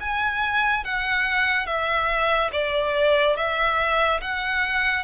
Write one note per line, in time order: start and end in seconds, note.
0.00 0.84 G#5
0.84 1.66 F#5
1.66 2.50 E5
2.52 3.36 D5
3.36 4.21 E5
4.21 5.04 F#5